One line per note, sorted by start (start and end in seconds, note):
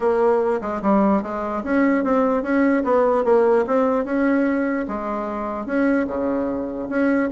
0.00 0.60 A#3
0.61 0.81 G#3
0.81 1.22 G3
1.22 1.63 G#3
1.63 2.04 C#4
2.04 2.42 C4
2.42 2.83 C#4
2.84 3.24 B3
3.24 3.65 A#3
3.66 4.04 C4
4.04 4.86 C#4
4.88 5.66 G#3
5.66 6.06 C#4
6.07 6.88 C#3
6.89 7.29 C#4